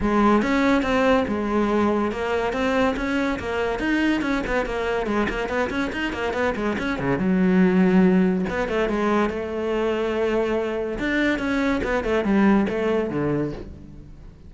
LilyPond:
\new Staff \with { instrumentName = "cello" } { \time 4/4 \tempo 4 = 142 gis4 cis'4 c'4 gis4~ | gis4 ais4 c'4 cis'4 | ais4 dis'4 cis'8 b8 ais4 | gis8 ais8 b8 cis'8 dis'8 ais8 b8 gis8 |
cis'8 cis8 fis2. | b8 a8 gis4 a2~ | a2 d'4 cis'4 | b8 a8 g4 a4 d4 | }